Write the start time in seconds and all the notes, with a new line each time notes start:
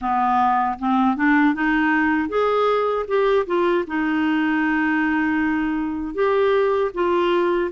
0.01 B3
0.79 C4
1.16 D4
1.54 D#4
2.29 G#4
3.07 G4
3.46 F4
3.87 D#4
6.14 G4
6.93 F4